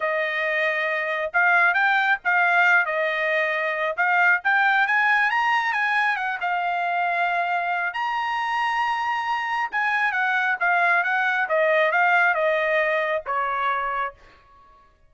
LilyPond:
\new Staff \with { instrumentName = "trumpet" } { \time 4/4 \tempo 4 = 136 dis''2. f''4 | g''4 f''4. dis''4.~ | dis''4 f''4 g''4 gis''4 | ais''4 gis''4 fis''8 f''4.~ |
f''2 ais''2~ | ais''2 gis''4 fis''4 | f''4 fis''4 dis''4 f''4 | dis''2 cis''2 | }